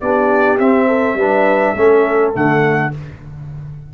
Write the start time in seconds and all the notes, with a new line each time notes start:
0.00 B3 D4 G4 D5
0.59 C4 E5
0.88 A4
1.14 G3 D4 B4
1.74 A3 C#4 A4
2.33 D3 A3 F#5